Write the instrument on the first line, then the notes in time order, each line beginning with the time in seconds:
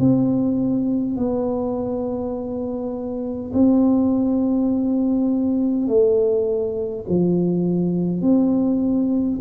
tuba
0.00 C4
1.17 B3
3.54 C4
5.88 A3
7.09 F3
8.22 C4